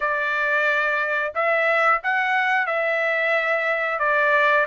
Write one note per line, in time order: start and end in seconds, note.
0.00 1.32 D5
1.34 2.01 E5
2.03 2.66 F#5
2.66 3.99 E5
3.99 4.65 D5